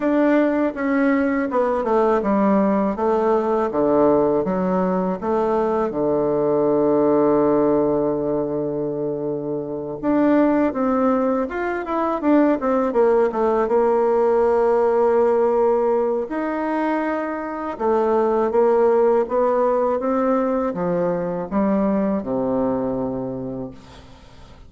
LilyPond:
\new Staff \with { instrumentName = "bassoon" } { \time 4/4 \tempo 4 = 81 d'4 cis'4 b8 a8 g4 | a4 d4 fis4 a4 | d1~ | d4. d'4 c'4 f'8 |
e'8 d'8 c'8 ais8 a8 ais4.~ | ais2 dis'2 | a4 ais4 b4 c'4 | f4 g4 c2 | }